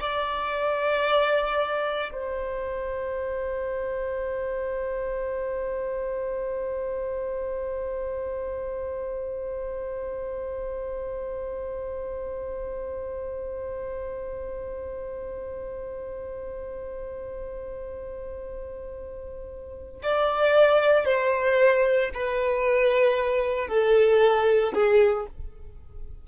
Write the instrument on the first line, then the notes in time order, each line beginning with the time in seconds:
violin
0.00 D5
2.12 C5
20.03 D5
21.05 C5
22.14 B4
23.68 A4
24.74 G#4